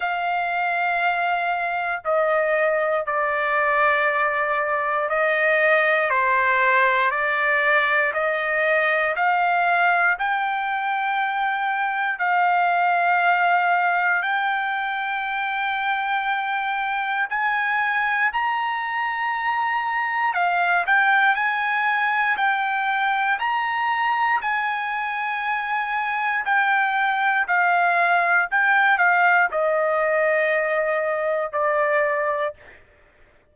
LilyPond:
\new Staff \with { instrumentName = "trumpet" } { \time 4/4 \tempo 4 = 59 f''2 dis''4 d''4~ | d''4 dis''4 c''4 d''4 | dis''4 f''4 g''2 | f''2 g''2~ |
g''4 gis''4 ais''2 | f''8 g''8 gis''4 g''4 ais''4 | gis''2 g''4 f''4 | g''8 f''8 dis''2 d''4 | }